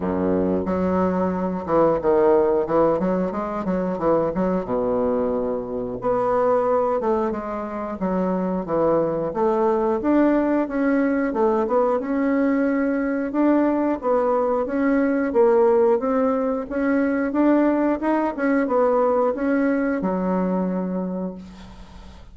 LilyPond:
\new Staff \with { instrumentName = "bassoon" } { \time 4/4 \tempo 4 = 90 fis,4 fis4. e8 dis4 | e8 fis8 gis8 fis8 e8 fis8 b,4~ | b,4 b4. a8 gis4 | fis4 e4 a4 d'4 |
cis'4 a8 b8 cis'2 | d'4 b4 cis'4 ais4 | c'4 cis'4 d'4 dis'8 cis'8 | b4 cis'4 fis2 | }